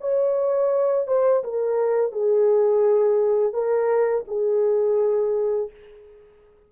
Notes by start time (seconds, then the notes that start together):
0.00 C#5
1.07 C5
1.43 A#4
2.12 G#4
3.53 A#4
4.27 G#4